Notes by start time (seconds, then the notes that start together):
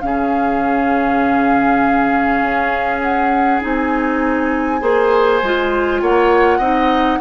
0.00 C#3 C#4 G#4 F5
2.41 C#4
3.02 F#5
3.62 C4 D#4 G#5
4.81 A#3 G#4 C5
5.43 G#3 F4
6.02 A#3 C#5 F#5
6.59 C4 D#4 D#5